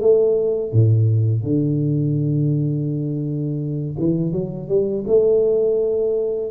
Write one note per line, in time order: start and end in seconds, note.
0.00 0.72 A3
0.72 1.43 A2
1.43 3.96 D3
3.98 4.32 E3
4.32 4.68 F#3
4.68 5.04 G3
5.07 6.51 A3